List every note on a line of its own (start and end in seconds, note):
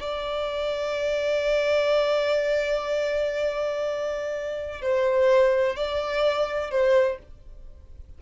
0.00 4.82 D5
4.82 5.76 C5
5.76 6.71 D5
6.71 7.18 C5